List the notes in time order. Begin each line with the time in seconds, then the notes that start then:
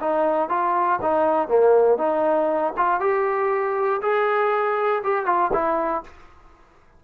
0.00 D#4
0.49 F4
1.02 D#4
1.48 A#3
1.98 D#4
2.77 F4
3.00 G4
4.02 G#4
5.03 G4
5.26 F4
5.53 E4